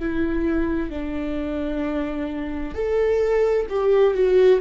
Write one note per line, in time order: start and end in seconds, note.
0.00 0.90 E4
0.90 2.74 D4
2.74 3.67 A4
3.69 4.15 G4
4.15 4.61 F#4